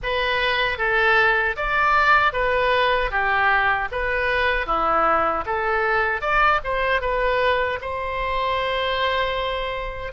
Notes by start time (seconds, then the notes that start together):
0.02 B4
0.78 A4
1.56 D5
2.32 B4
3.10 G4
3.91 B4
4.66 E4
5.45 A4
6.21 D5
6.64 C5
7.01 B4
7.81 C5